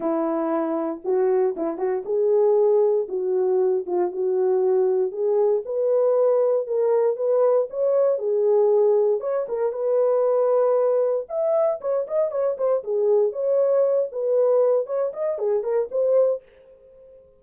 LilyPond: \new Staff \with { instrumentName = "horn" } { \time 4/4 \tempo 4 = 117 e'2 fis'4 e'8 fis'8 | gis'2 fis'4. f'8 | fis'2 gis'4 b'4~ | b'4 ais'4 b'4 cis''4 |
gis'2 cis''8 ais'8 b'4~ | b'2 e''4 cis''8 dis''8 | cis''8 c''8 gis'4 cis''4. b'8~ | b'4 cis''8 dis''8 gis'8 ais'8 c''4 | }